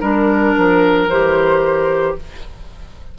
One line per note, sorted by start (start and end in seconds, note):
0.00 0.55 G3
0.00 1.08 D4
0.00 2.14 A#4
0.00 1.09 A#4
0.57 1.08 F3
1.08 2.15 E3
1.08 2.19 G4
1.08 2.16 C5